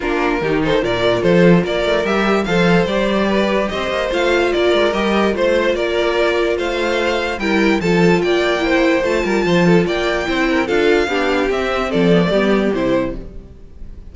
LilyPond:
<<
  \new Staff \with { instrumentName = "violin" } { \time 4/4 \tempo 4 = 146 ais'4. c''8 d''4 c''4 | d''4 e''4 f''4 d''4~ | d''4 dis''4 f''4 d''4 | dis''4 c''4 d''2 |
f''2 g''4 a''4 | g''2 a''2 | g''2 f''2 | e''4 d''2 c''4 | }
  \new Staff \with { instrumentName = "violin" } { \time 4/4 f'4 g'8 a'8 ais'4 a'4 | ais'2 c''2 | b'4 c''2 ais'4~ | ais'4 c''4 ais'2 |
c''2 ais'4 a'4 | d''4 c''4. ais'8 c''8 a'8 | d''4 c''8 ais'8 a'4 g'4~ | g'4 a'4 g'2 | }
  \new Staff \with { instrumentName = "viola" } { \time 4/4 d'4 dis'4 f'2~ | f'4 g'4 a'4 g'4~ | g'2 f'2 | g'4 f'2.~ |
f'2 e'4 f'4~ | f'4 e'4 f'2~ | f'4 e'4 f'4 d'4 | c'4. b16 a16 b4 e'4 | }
  \new Staff \with { instrumentName = "cello" } { \time 4/4 ais4 dis4 ais,4 f4 | ais8 a8 g4 f4 g4~ | g4 c'8 ais8 a4 ais8 gis8 | g4 a4 ais2 |
a2 g4 f4 | ais2 a8 g8 f4 | ais4 c'4 d'4 b4 | c'4 f4 g4 c4 | }
>>